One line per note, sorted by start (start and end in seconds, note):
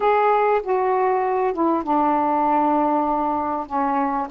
0.00 0.61 G#4
0.63 1.53 F#4
1.53 1.83 E4
1.83 3.66 D4
3.66 4.27 C#4